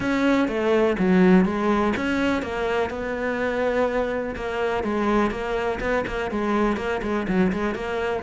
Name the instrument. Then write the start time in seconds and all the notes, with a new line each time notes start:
cello
0.00 C#4
0.48 A3
0.98 F#3
1.45 G#3
1.96 C#4
2.42 A#3
2.90 B3
4.35 A#3
4.83 G#3
5.30 A#3
5.80 B3
6.06 A#3
6.30 G#3
6.76 A#3
7.02 G#3
7.28 F#3
7.52 G#3
7.75 A#3